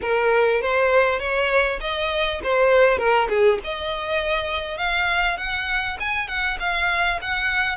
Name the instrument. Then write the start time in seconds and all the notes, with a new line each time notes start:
violin
0.01 A#4
0.61 C5
1.19 C#5
1.80 D#5
2.43 C5
2.98 A#4
3.29 G#4
3.64 D#5
4.77 F5
5.37 F#5
5.99 G#5
6.28 F#5
6.59 F5
7.21 F#5